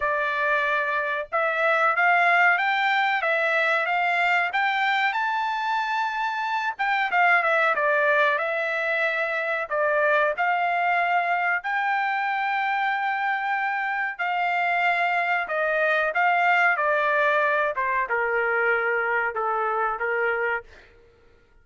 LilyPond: \new Staff \with { instrumentName = "trumpet" } { \time 4/4 \tempo 4 = 93 d''2 e''4 f''4 | g''4 e''4 f''4 g''4 | a''2~ a''8 g''8 f''8 e''8 | d''4 e''2 d''4 |
f''2 g''2~ | g''2 f''2 | dis''4 f''4 d''4. c''8 | ais'2 a'4 ais'4 | }